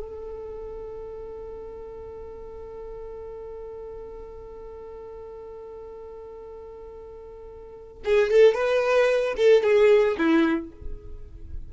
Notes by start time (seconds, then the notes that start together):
0.00 A4
8.05 G#4
8.31 A4
8.55 B4
9.37 A4
9.64 G#4
10.18 E4